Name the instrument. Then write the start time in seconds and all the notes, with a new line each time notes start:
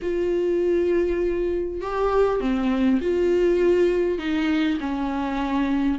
viola
0.02 F4
1.81 G4
2.40 C4
3.01 F4
4.18 D#4
4.80 C#4